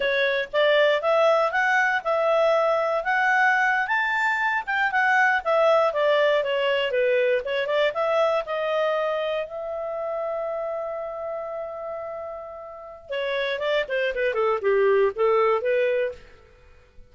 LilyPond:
\new Staff \with { instrumentName = "clarinet" } { \time 4/4 \tempo 4 = 119 cis''4 d''4 e''4 fis''4 | e''2 fis''4.~ fis''16 a''16~ | a''4~ a''16 g''8 fis''4 e''4 d''16~ | d''8. cis''4 b'4 cis''8 d''8 e''16~ |
e''8. dis''2 e''4~ e''16~ | e''1~ | e''2 cis''4 d''8 c''8 | b'8 a'8 g'4 a'4 b'4 | }